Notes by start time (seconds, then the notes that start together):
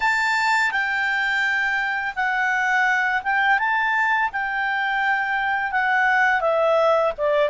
0.00 A5
0.71 G5
2.15 F#5
3.23 G5
3.58 A5
4.32 G5
5.71 F#5
6.41 E5
7.17 D5